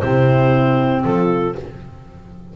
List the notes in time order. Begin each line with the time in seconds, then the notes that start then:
0.00 C3 C4 E4 C5
1.04 F3 F4 A4